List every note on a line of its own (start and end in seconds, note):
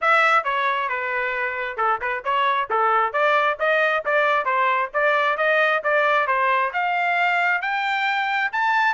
0.01 0.44 E5
0.44 0.88 C#5
0.88 1.77 B4
1.77 1.99 A4
2.01 2.23 B4
2.24 2.69 C#5
2.69 3.13 A4
3.13 3.57 D5
3.59 4.04 D#5
4.05 4.45 D5
4.45 4.90 C5
4.93 5.37 D5
5.37 5.82 D#5
5.83 6.27 D5
6.27 6.72 C5
6.73 7.61 F5
7.61 8.51 G5
8.52 8.94 A5